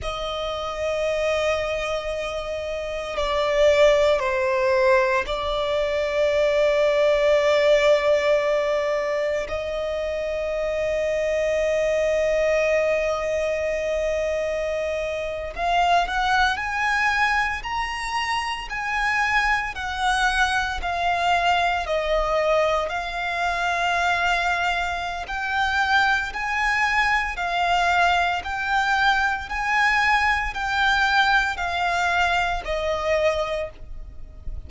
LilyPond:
\new Staff \with { instrumentName = "violin" } { \time 4/4 \tempo 4 = 57 dis''2. d''4 | c''4 d''2.~ | d''4 dis''2.~ | dis''2~ dis''8. f''8 fis''8 gis''16~ |
gis''8. ais''4 gis''4 fis''4 f''16~ | f''8. dis''4 f''2~ f''16 | g''4 gis''4 f''4 g''4 | gis''4 g''4 f''4 dis''4 | }